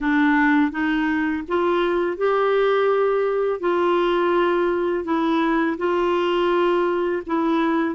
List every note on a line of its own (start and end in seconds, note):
0.00 0.71 D4
0.71 1.43 D#4
1.48 2.17 F4
2.17 3.60 G4
3.60 5.04 F4
5.04 5.76 E4
5.77 7.22 F4
7.26 7.95 E4